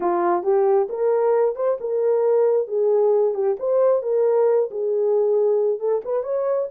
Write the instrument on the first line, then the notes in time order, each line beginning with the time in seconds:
horn
0.00 F4
0.43 G4
0.89 A#4
1.55 C5
1.80 A#4
2.67 G#4
3.34 G4
3.59 C5
4.02 A#4
4.71 G#4
5.79 A4
6.04 B4
6.23 C#5